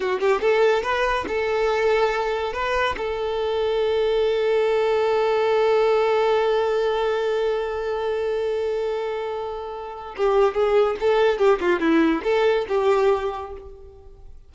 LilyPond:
\new Staff \with { instrumentName = "violin" } { \time 4/4 \tempo 4 = 142 fis'8 g'8 a'4 b'4 a'4~ | a'2 b'4 a'4~ | a'1~ | a'1~ |
a'1~ | a'1 | g'4 gis'4 a'4 g'8 f'8 | e'4 a'4 g'2 | }